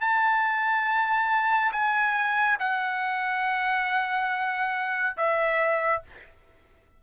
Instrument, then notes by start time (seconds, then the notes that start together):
trumpet
0.00 A5
1.72 G#5
2.59 F#5
5.17 E5